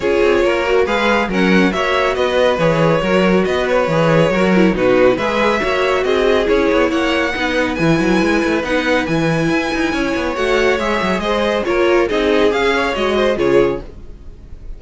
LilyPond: <<
  \new Staff \with { instrumentName = "violin" } { \time 4/4 \tempo 4 = 139 cis''2 f''4 fis''4 | e''4 dis''4 cis''2 | dis''8 cis''2~ cis''8 b'4 | e''2 dis''4 cis''4 |
fis''2 gis''2 | fis''4 gis''2. | fis''4 e''4 dis''4 cis''4 | dis''4 f''4 dis''4 cis''4 | }
  \new Staff \with { instrumentName = "violin" } { \time 4/4 gis'4 ais'4 b'4 ais'4 | cis''4 b'2 ais'4 | b'2 ais'4 fis'4 | b'4 cis''4 gis'2 |
cis''4 b'2.~ | b'2. cis''4~ | cis''2 c''4 ais'4 | gis'4. cis''4 c''8 gis'4 | }
  \new Staff \with { instrumentName = "viola" } { \time 4/4 f'4. fis'8 gis'4 cis'4 | fis'2 gis'4 fis'4~ | fis'4 gis'4 fis'8 e'8 dis'4 | gis'4 fis'2 e'4~ |
e'4 dis'4 e'2 | dis'4 e'2. | fis'4 gis'2 f'4 | dis'4 gis'4 fis'4 f'4 | }
  \new Staff \with { instrumentName = "cello" } { \time 4/4 cis'8 c'8 ais4 gis4 fis4 | ais4 b4 e4 fis4 | b4 e4 fis4 b,4 | gis4 ais4 c'4 cis'8 b8 |
ais4 b4 e8 fis8 gis8 a8 | b4 e4 e'8 dis'8 cis'8 b8 | a4 gis8 fis8 gis4 ais4 | c'4 cis'4 gis4 cis4 | }
>>